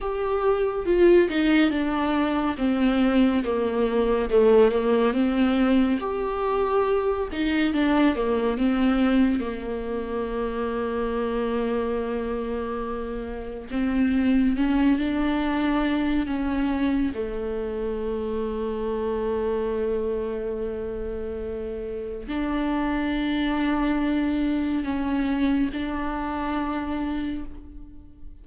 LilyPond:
\new Staff \with { instrumentName = "viola" } { \time 4/4 \tempo 4 = 70 g'4 f'8 dis'8 d'4 c'4 | ais4 a8 ais8 c'4 g'4~ | g'8 dis'8 d'8 ais8 c'4 ais4~ | ais1 |
c'4 cis'8 d'4. cis'4 | a1~ | a2 d'2~ | d'4 cis'4 d'2 | }